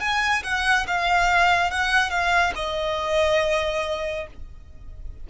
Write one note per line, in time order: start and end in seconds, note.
0.00 0.43 G#5
0.43 0.86 F#5
0.87 1.71 F5
1.71 2.10 F#5
2.10 2.53 F5
2.56 4.27 D#5